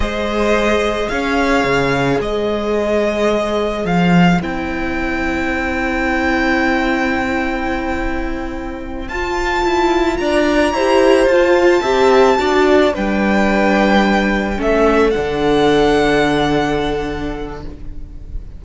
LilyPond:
<<
  \new Staff \with { instrumentName = "violin" } { \time 4/4 \tempo 4 = 109 dis''2 f''2 | dis''2. f''4 | g''1~ | g''1~ |
g''8 a''2 ais''4.~ | ais''8 a''2. g''8~ | g''2~ g''8 e''4 fis''8~ | fis''1 | }
  \new Staff \with { instrumentName = "violin" } { \time 4/4 c''2 cis''2 | c''1~ | c''1~ | c''1~ |
c''2~ c''8 d''4 c''8~ | c''4. e''4 d''4 b'8~ | b'2~ b'8 a'4.~ | a'1 | }
  \new Staff \with { instrumentName = "viola" } { \time 4/4 gis'1~ | gis'1 | e'1~ | e'1~ |
e'8 f'2. g'8~ | g'8 f'4 g'4 fis'4 d'8~ | d'2~ d'8 cis'4 d'8~ | d'1 | }
  \new Staff \with { instrumentName = "cello" } { \time 4/4 gis2 cis'4 cis4 | gis2. f4 | c'1~ | c'1~ |
c'8 f'4 e'4 d'4 e'8~ | e'8 f'4 c'4 d'4 g8~ | g2~ g8 a4 d8~ | d1 | }
>>